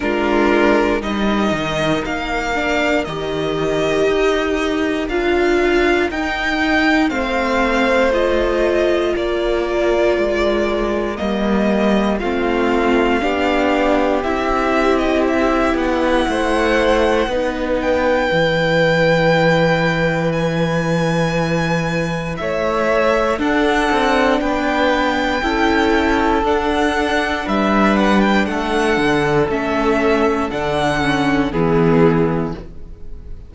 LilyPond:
<<
  \new Staff \with { instrumentName = "violin" } { \time 4/4 \tempo 4 = 59 ais'4 dis''4 f''4 dis''4~ | dis''4 f''4 g''4 f''4 | dis''4 d''2 dis''4 | f''2 e''8. dis''16 e''8 fis''8~ |
fis''4. g''2~ g''8 | gis''2 e''4 fis''4 | g''2 fis''4 e''8 fis''16 g''16 | fis''4 e''4 fis''4 gis'4 | }
  \new Staff \with { instrumentName = "violin" } { \time 4/4 f'4 ais'2.~ | ais'2. c''4~ | c''4 ais'2. | f'4 g'2. |
c''4 b'2.~ | b'2 cis''4 a'4 | b'4 a'2 b'4 | a'2. e'4 | }
  \new Staff \with { instrumentName = "viola" } { \time 4/4 d'4 dis'4. d'8 g'4~ | g'4 f'4 dis'4 c'4 | f'2. ais4 | c'4 d'4 e'2~ |
e'4 dis'4 e'2~ | e'2. d'4~ | d'4 e'4 d'2~ | d'4 cis'4 d'8 cis'8 b4 | }
  \new Staff \with { instrumentName = "cello" } { \time 4/4 gis4 g8 dis8 ais4 dis4 | dis'4 d'4 dis'4 a4~ | a4 ais4 gis4 g4 | a4 b4 c'4. b8 |
a4 b4 e2~ | e2 a4 d'8 c'8 | b4 cis'4 d'4 g4 | a8 d8 a4 d4 e4 | }
>>